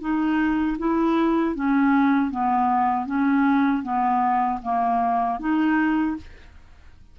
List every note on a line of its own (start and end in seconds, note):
0.00 0.77 D#4
0.78 1.55 E4
1.55 2.31 C#4
2.31 3.06 B3
3.06 3.83 C#4
3.83 4.59 B3
4.62 5.39 A#3
5.40 6.16 D#4